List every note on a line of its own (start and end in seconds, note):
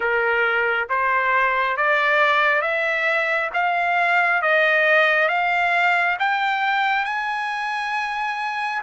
0.00 0.88 A#4
0.89 1.76 C5
1.76 2.61 D5
2.61 3.49 E5
3.53 4.42 F5
4.42 5.28 D#5
5.28 6.16 F5
6.19 7.05 G5
7.05 8.81 G#5